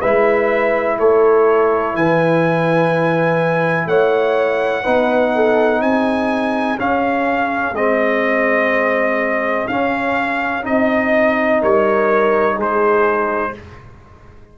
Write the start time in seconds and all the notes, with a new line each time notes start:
0.00 G#3 E4 B4 E5
0.99 A3 A4 C#5
1.95 E3 B4 G#5
3.86 A3 C#5 F#5
4.84 B3 D#4 B4
5.36 A4
5.81 C4 G#4 G#5
6.78 C#4 F5
7.73 G#3 C4 D#5
9.68 C#4 F5
10.63 C4 D#4 D#5
11.62 G3 A#4 C#5
12.56 G#3 G#4 C5